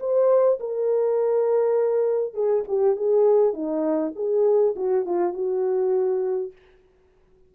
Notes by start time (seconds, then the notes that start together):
0.00 C5
0.60 A#4
2.34 G#4
2.68 G4
2.96 G#4
3.53 D#4
4.16 G#4
4.76 F#4
5.05 F4
5.34 F#4